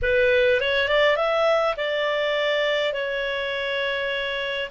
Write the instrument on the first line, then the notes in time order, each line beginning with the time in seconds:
clarinet
0.02 B4
0.60 C#5
0.87 D5
1.16 E5
1.76 D5
2.93 C#5